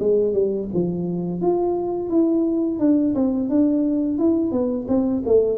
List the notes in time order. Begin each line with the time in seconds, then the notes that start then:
0.00 G#3
0.34 G3
0.74 F3
1.42 F4
2.10 E4
2.80 D4
3.15 C4
3.50 D4
4.19 E4
4.52 B3
4.88 C4
5.26 A3